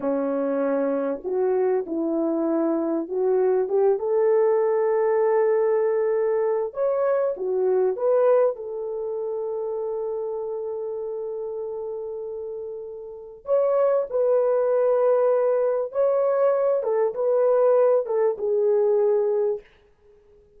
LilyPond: \new Staff \with { instrumentName = "horn" } { \time 4/4 \tempo 4 = 98 cis'2 fis'4 e'4~ | e'4 fis'4 g'8 a'4.~ | a'2. cis''4 | fis'4 b'4 a'2~ |
a'1~ | a'2 cis''4 b'4~ | b'2 cis''4. a'8 | b'4. a'8 gis'2 | }